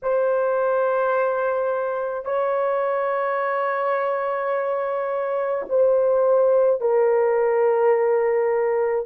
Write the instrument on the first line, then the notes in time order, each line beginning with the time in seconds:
horn
0.02 C5
2.24 C#5
5.69 C5
6.80 A#4